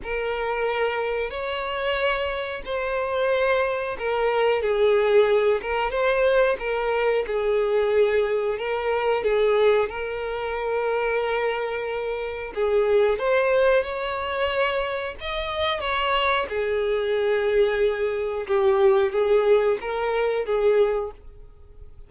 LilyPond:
\new Staff \with { instrumentName = "violin" } { \time 4/4 \tempo 4 = 91 ais'2 cis''2 | c''2 ais'4 gis'4~ | gis'8 ais'8 c''4 ais'4 gis'4~ | gis'4 ais'4 gis'4 ais'4~ |
ais'2. gis'4 | c''4 cis''2 dis''4 | cis''4 gis'2. | g'4 gis'4 ais'4 gis'4 | }